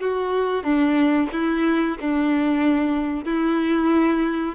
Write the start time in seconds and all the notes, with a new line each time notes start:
0.00 F#4
0.64 D4
1.33 E4
2.00 D4
3.25 E4